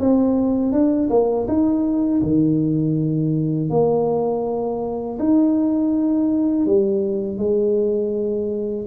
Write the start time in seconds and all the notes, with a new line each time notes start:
0.00 C4
0.72 D4
1.10 A#3
1.48 D#4
2.23 D#3
3.70 A#3
5.19 D#4
6.66 G3
7.38 G#3